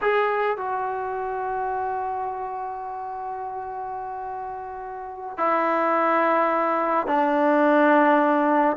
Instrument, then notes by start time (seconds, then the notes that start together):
trombone
0.01 G#4
0.57 F#4
5.37 E4
7.07 D4